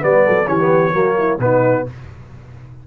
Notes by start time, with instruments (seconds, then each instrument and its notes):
0.00 tuba G3, trombone B3, horn B4, trumpet D5
0.26 tuba F#3, horn A4
0.47 tuba E3, trombone C#4, horn G4, trumpet C#5
0.60 trombone B3
0.93 tuba F#3, trombone A#3, horn F#4
1.19 horn E4
1.39 tuba B2, trombone B3, horn D#4, trumpet B4